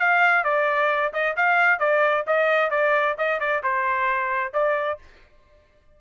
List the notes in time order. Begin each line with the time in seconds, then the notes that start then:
0.00 F5
0.44 D5
1.14 D#5
1.37 F5
1.80 D5
2.27 D#5
2.71 D5
3.19 D#5
3.40 D5
3.64 C5
4.54 D5